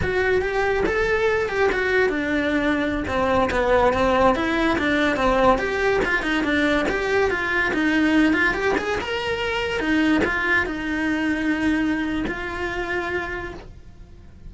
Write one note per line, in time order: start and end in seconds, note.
0.02 0.41 F#4
0.41 0.83 G4
0.86 1.48 A4
1.48 1.69 G4
1.72 2.09 F#4
2.09 3.04 D4
3.07 3.49 C4
3.50 3.93 B3
3.93 4.35 C4
4.35 4.77 E4
4.78 5.16 D4
5.16 5.58 C4
5.58 6.00 G4
6.05 6.22 F4
6.22 6.43 D#4
6.43 6.86 D4
6.88 7.30 G4
7.30 7.72 F4
7.73 8.33 D#4
8.33 8.54 F4
8.54 8.75 G4
8.78 8.99 G#4
9.00 9.79 A#4
9.79 10.21 D#4
10.24 10.66 F4
10.66 12.24 D#4
12.27 13.54 F4